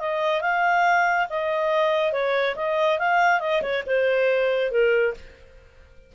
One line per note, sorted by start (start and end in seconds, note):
0.00 0.42 D#5
0.42 1.28 F5
1.30 2.13 D#5
2.13 2.56 C#5
2.56 2.99 D#5
2.99 3.41 F5
3.41 3.62 D#5
3.62 3.84 C#5
3.87 4.72 C5
4.72 5.15 A#4